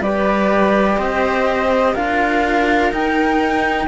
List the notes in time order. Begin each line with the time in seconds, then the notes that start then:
0.00 G3 G4 B4 D5
0.97 C4 C5 D#5
1.93 D4 F4 A#4 F5
2.91 D#4 G5